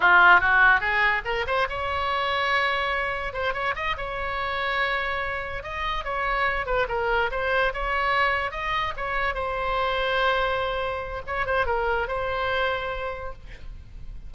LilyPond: \new Staff \with { instrumentName = "oboe" } { \time 4/4 \tempo 4 = 144 f'4 fis'4 gis'4 ais'8 c''8 | cis''1 | c''8 cis''8 dis''8 cis''2~ cis''8~ | cis''4. dis''4 cis''4. |
b'8 ais'4 c''4 cis''4.~ | cis''8 dis''4 cis''4 c''4.~ | c''2. cis''8 c''8 | ais'4 c''2. | }